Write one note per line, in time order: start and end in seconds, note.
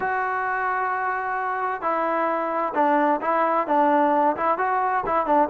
0.00 1.81 F#4
1.81 2.73 E4
2.74 3.20 D4
3.21 3.67 E4
3.67 4.36 D4
4.36 4.58 E4
4.58 5.03 F#4
5.06 5.26 E4
5.26 5.49 D4